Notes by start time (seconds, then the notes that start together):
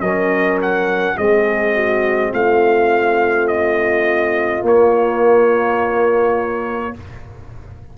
0.00 F#3 C#4 A#4 D#5
0.62 F#5
1.17 G#3 C4 G#4 D#5
1.74 F#4
2.32 A3 F4 F5
3.47 D#5
4.62 A#3 C#5